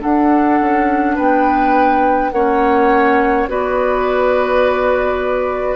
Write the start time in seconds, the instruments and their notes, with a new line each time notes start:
0.00 clarinet D4, bassoon D4, oboe A4, flute F#5
0.60 bassoon C#4
1.15 bassoon B3, oboe B4, flute G5
2.31 bassoon A#3, clarinet C#4, oboe C#5, flute F#5
3.47 bassoon B3, clarinet F#4, oboe B4, flute D5